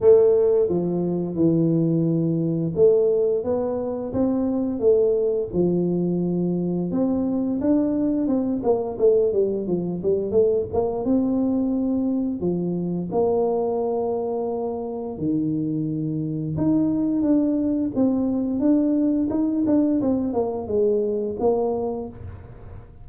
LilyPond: \new Staff \with { instrumentName = "tuba" } { \time 4/4 \tempo 4 = 87 a4 f4 e2 | a4 b4 c'4 a4 | f2 c'4 d'4 | c'8 ais8 a8 g8 f8 g8 a8 ais8 |
c'2 f4 ais4~ | ais2 dis2 | dis'4 d'4 c'4 d'4 | dis'8 d'8 c'8 ais8 gis4 ais4 | }